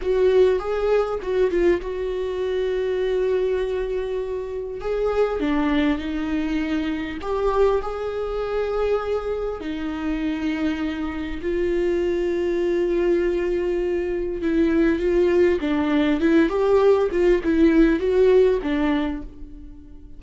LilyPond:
\new Staff \with { instrumentName = "viola" } { \time 4/4 \tempo 4 = 100 fis'4 gis'4 fis'8 f'8 fis'4~ | fis'1 | gis'4 d'4 dis'2 | g'4 gis'2. |
dis'2. f'4~ | f'1 | e'4 f'4 d'4 e'8 g'8~ | g'8 f'8 e'4 fis'4 d'4 | }